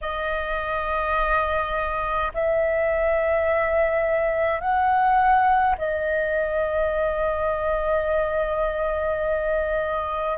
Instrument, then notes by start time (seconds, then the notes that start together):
flute
0.01 D#5
2.33 E5
4.60 F#5
5.77 D#5